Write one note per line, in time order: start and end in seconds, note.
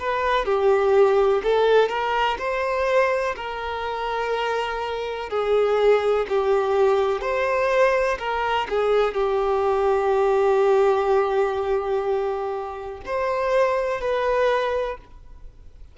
0.00 0.45 B4
0.45 1.42 G4
1.43 1.89 A4
1.89 2.37 A#4
2.39 3.36 C5
3.36 5.30 A#4
5.30 6.26 G#4
6.29 7.21 G4
7.21 8.18 C5
8.19 8.67 A#4
8.69 9.14 G#4
9.14 13.01 G4
13.06 14.01 C5
14.01 14.98 B4